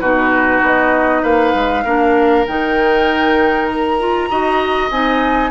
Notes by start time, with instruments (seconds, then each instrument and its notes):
0.00 bassoon B2, clarinet D#4, oboe F#4, flute B4
0.62 bassoon B3, flute D#5
1.22 bassoon A#3, oboe B4, flute F5
1.54 bassoon G#3
1.84 bassoon A#3, clarinet D4, oboe A#4
2.47 bassoon D#3, clarinet D#4, flute G5
3.66 flute A#5
3.99 clarinet F4
4.30 bassoon D#4, clarinet F#4, oboe D#5
4.90 bassoon C4, clarinet D#4, flute G#5